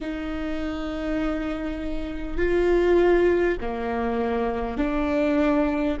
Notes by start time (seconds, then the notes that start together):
0.00 D#4
2.37 F4
3.60 A#3
4.77 D4